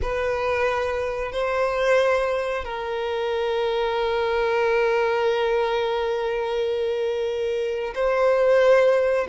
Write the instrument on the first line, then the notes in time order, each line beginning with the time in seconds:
violin
0.01 B4
1.32 C5
2.64 A#4
7.94 C5